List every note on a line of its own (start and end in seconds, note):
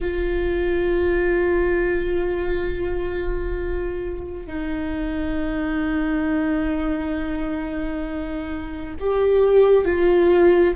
0.00 4.47 F4
4.47 8.94 D#4
8.99 9.84 G4
9.84 10.74 F4